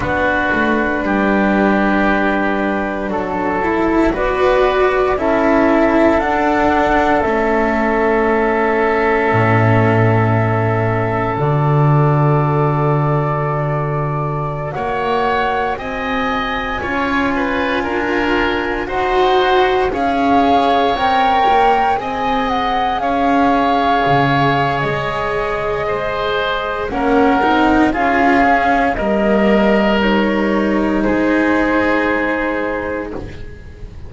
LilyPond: <<
  \new Staff \with { instrumentName = "flute" } { \time 4/4 \tempo 4 = 58 b'2. a'4 | d''4 e''4 fis''4 e''4~ | e''2. d''4~ | d''2~ d''16 fis''4 gis''8.~ |
gis''2~ gis''16 fis''4 f''8.~ | f''16 g''4 gis''8 fis''8 f''4.~ f''16 | dis''2 fis''4 f''4 | dis''4 cis''4 c''2 | }
  \new Staff \with { instrumentName = "oboe" } { \time 4/4 fis'4 g'2 a'4 | b'4 a'2.~ | a'1~ | a'2~ a'16 cis''4 dis''8.~ |
dis''16 cis''8 b'8 ais'4 c''4 cis''8.~ | cis''4~ cis''16 dis''4 cis''4.~ cis''16~ | cis''4 c''4 ais'4 gis'4 | ais'2 gis'2 | }
  \new Staff \with { instrumentName = "cello" } { \time 4/4 d'2.~ d'8 e'8 | fis'4 e'4 d'4 cis'4~ | cis'2. fis'4~ | fis'1~ |
fis'16 f'2 fis'4 gis'8.~ | gis'16 ais'4 gis'2~ gis'8.~ | gis'2 cis'8 dis'8 f'8 cis'8 | ais4 dis'2. | }
  \new Staff \with { instrumentName = "double bass" } { \time 4/4 b8 a8 g2 fis4 | b4 cis'4 d'4 a4~ | a4 a,2 d4~ | d2~ d16 ais4 c'8.~ |
c'16 cis'4 d'4 dis'4 cis'8.~ | cis'16 c'8 ais8 c'4 cis'4 cis8. | gis2 ais8 c'8 cis'4 | g2 gis2 | }
>>